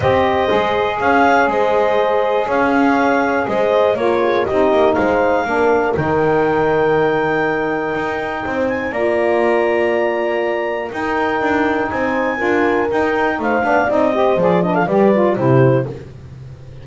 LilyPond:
<<
  \new Staff \with { instrumentName = "clarinet" } { \time 4/4 \tempo 4 = 121 dis''2 f''4 dis''4~ | dis''4 f''2 dis''4 | cis''4 dis''4 f''2 | g''1~ |
g''4. gis''8 ais''2~ | ais''2 g''2 | gis''2 g''4 f''4 | dis''4 d''8 dis''16 f''16 d''4 c''4 | }
  \new Staff \with { instrumentName = "horn" } { \time 4/4 c''2 cis''4 c''4~ | c''4 cis''2 c''4 | ais'8 gis'8 g'4 c''4 ais'4~ | ais'1~ |
ais'4 c''4 d''2~ | d''2 ais'2 | c''4 ais'2 c''8 d''8~ | d''8 c''4 b'16 a'16 b'4 g'4 | }
  \new Staff \with { instrumentName = "saxophone" } { \time 4/4 g'4 gis'2.~ | gis'1 | f'4 dis'2 d'4 | dis'1~ |
dis'2 f'2~ | f'2 dis'2~ | dis'4 f'4 dis'4. d'8 | dis'8 g'8 gis'8 d'8 g'8 f'8 e'4 | }
  \new Staff \with { instrumentName = "double bass" } { \time 4/4 c'4 gis4 cis'4 gis4~ | gis4 cis'2 gis4 | ais4 c'8 ais8 gis4 ais4 | dis1 |
dis'4 c'4 ais2~ | ais2 dis'4 d'4 | c'4 d'4 dis'4 a8 b8 | c'4 f4 g4 c4 | }
>>